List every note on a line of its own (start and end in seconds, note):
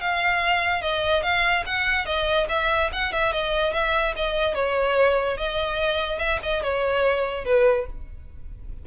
0.00 0.81 F5
0.81 1.22 D#5
1.22 1.64 F5
1.66 2.05 F#5
2.05 2.47 D#5
2.49 2.90 E5
2.92 3.12 F#5
3.12 3.32 E5
3.32 3.73 D#5
3.73 4.14 E5
4.16 4.54 D#5
4.54 5.37 C#5
5.37 6.18 D#5
6.18 6.39 E5
6.42 6.62 D#5
6.62 7.44 C#5
7.44 7.86 B4